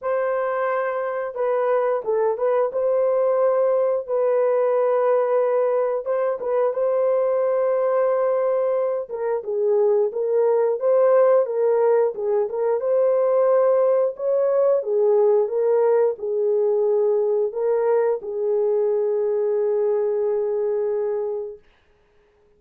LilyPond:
\new Staff \with { instrumentName = "horn" } { \time 4/4 \tempo 4 = 89 c''2 b'4 a'8 b'8 | c''2 b'2~ | b'4 c''8 b'8 c''2~ | c''4. ais'8 gis'4 ais'4 |
c''4 ais'4 gis'8 ais'8 c''4~ | c''4 cis''4 gis'4 ais'4 | gis'2 ais'4 gis'4~ | gis'1 | }